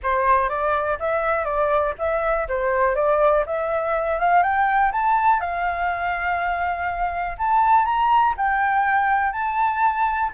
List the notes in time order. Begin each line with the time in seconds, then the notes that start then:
0.02 C5
0.49 D5
0.99 E5
1.45 D5
1.98 E5
2.48 C5
2.95 D5
3.46 E5
4.19 F5
4.42 G5
4.92 A5
5.40 F5
7.38 A5
7.85 A#5
8.37 G5
9.32 A5